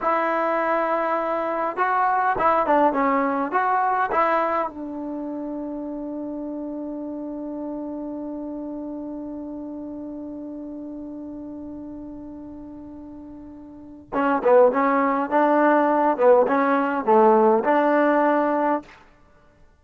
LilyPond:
\new Staff \with { instrumentName = "trombone" } { \time 4/4 \tempo 4 = 102 e'2. fis'4 | e'8 d'8 cis'4 fis'4 e'4 | d'1~ | d'1~ |
d'1~ | d'1 | cis'8 b8 cis'4 d'4. b8 | cis'4 a4 d'2 | }